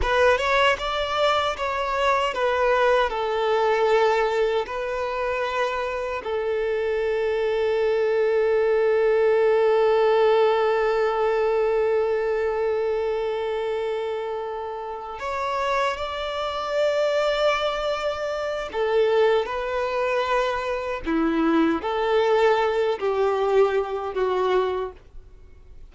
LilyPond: \new Staff \with { instrumentName = "violin" } { \time 4/4 \tempo 4 = 77 b'8 cis''8 d''4 cis''4 b'4 | a'2 b'2 | a'1~ | a'1~ |
a'2.~ a'8 cis''8~ | cis''8 d''2.~ d''8 | a'4 b'2 e'4 | a'4. g'4. fis'4 | }